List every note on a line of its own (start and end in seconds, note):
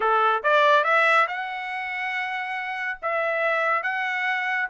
0.00 0.42 A4
0.43 0.84 D5
0.84 1.26 E5
1.27 2.99 F#5
3.02 3.82 E5
3.82 4.68 F#5